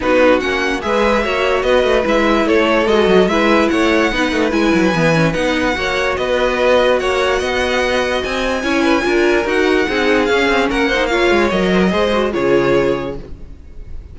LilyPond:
<<
  \new Staff \with { instrumentName = "violin" } { \time 4/4 \tempo 4 = 146 b'4 fis''4 e''2 | dis''4 e''4 cis''4 dis''4 | e''4 fis''2 gis''4~ | gis''4 fis''2 dis''4~ |
dis''4 fis''2. | gis''2. fis''4~ | fis''4 f''4 fis''4 f''4 | dis''2 cis''2 | }
  \new Staff \with { instrumentName = "violin" } { \time 4/4 fis'2 b'4 cis''4 | b'2 a'2 | b'4 cis''4 b'2~ | b'2 cis''4 b'4~ |
b'4 cis''4 dis''2~ | dis''4 cis''8 b'8 ais'2 | gis'2 ais'8 c''8 cis''4~ | cis''8 c''16 ais'16 c''4 gis'2 | }
  \new Staff \with { instrumentName = "viola" } { \time 4/4 dis'4 cis'4 gis'4 fis'4~ | fis'4 e'2 fis'4 | e'2 dis'4 e'4 | b8 cis'8 dis'4 fis'2~ |
fis'1~ | fis'4 e'4 f'4 fis'4 | dis'4 cis'4. dis'8 f'4 | ais'4 gis'8 fis'8 f'2 | }
  \new Staff \with { instrumentName = "cello" } { \time 4/4 b4 ais4 gis4 ais4 | b8 a8 gis4 a4 gis8 fis8 | gis4 a4 b8 a8 gis8 fis8 | e4 b4 ais4 b4~ |
b4 ais4 b2 | c'4 cis'4 d'4 dis'4 | c'4 cis'8 c'8 ais4. gis8 | fis4 gis4 cis2 | }
>>